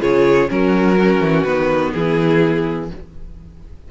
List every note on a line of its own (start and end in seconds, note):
0.00 0.49 C#3
0.00 0.48 F4
0.00 0.49 G#4
0.00 0.50 C#5
0.49 1.20 F#3
0.49 0.97 C#4
0.49 0.99 F#4
0.49 1.44 A#4
0.98 1.46 C#4
0.98 1.94 F#4
1.20 1.44 E3
1.44 1.93 D#3
1.44 2.90 B3
1.44 1.92 B4
1.93 2.91 E3
1.93 2.91 E4
1.93 2.89 G#4